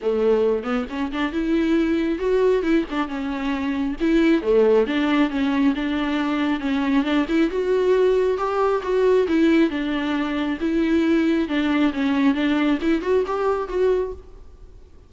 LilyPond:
\new Staff \with { instrumentName = "viola" } { \time 4/4 \tempo 4 = 136 a4. b8 cis'8 d'8 e'4~ | e'4 fis'4 e'8 d'8 cis'4~ | cis'4 e'4 a4 d'4 | cis'4 d'2 cis'4 |
d'8 e'8 fis'2 g'4 | fis'4 e'4 d'2 | e'2 d'4 cis'4 | d'4 e'8 fis'8 g'4 fis'4 | }